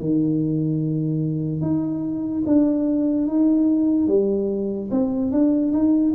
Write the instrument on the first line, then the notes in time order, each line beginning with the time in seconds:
tuba
0.00 D#3
1.61 D#4
2.46 D4
3.28 D#4
4.08 G3
4.91 C4
5.32 D4
5.72 D#4